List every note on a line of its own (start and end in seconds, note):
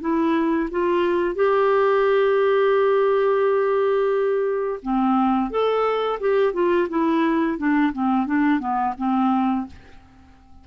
0.00 0.69 E4
0.71 1.35 F4
1.35 4.80 G4
4.82 5.50 C4
5.50 6.19 A4
6.20 6.53 G4
6.53 6.88 F4
6.89 7.58 E4
7.58 7.92 D4
7.93 8.26 C4
8.26 8.60 D4
8.60 8.94 B3
8.98 9.67 C4